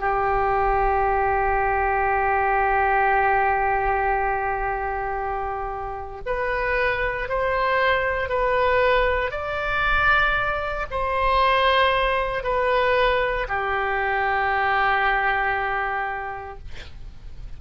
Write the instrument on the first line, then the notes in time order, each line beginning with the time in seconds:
oboe
0.00 G4
6.26 B4
7.29 C5
8.29 B4
9.31 D5
10.91 C5
12.44 B4
13.48 G4